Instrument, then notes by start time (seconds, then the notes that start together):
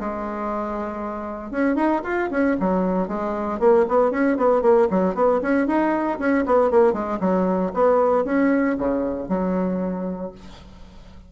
bassoon
0.00 G#3
1.51 C#4
1.76 D#4
2.04 F4
2.31 C#4
2.60 F#3
3.08 G#3
3.60 A#3
3.88 B3
4.11 C#4
4.37 B3
4.62 A#3
4.90 F#3
5.15 B3
5.42 C#4
5.67 D#4
6.19 C#4
6.46 B3
6.71 A#3
6.93 G#3
7.20 F#3
7.74 B3
8.25 C#4
8.78 C#3
9.29 F#3